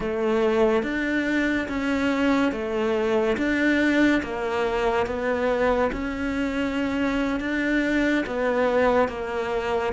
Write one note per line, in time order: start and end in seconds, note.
0.00 0.83 A3
0.83 1.67 D4
1.68 2.52 C#4
2.52 3.36 A3
3.37 4.21 D4
4.23 5.06 A#3
5.06 5.90 B3
5.92 7.39 C#4
7.40 8.24 D4
8.26 9.08 B3
9.08 9.93 A#3